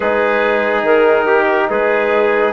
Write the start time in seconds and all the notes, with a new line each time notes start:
0.00 G#3 D#4 G#4 B4
0.82 D#3 A#4
1.26 G4
1.69 G#3 G#4 B4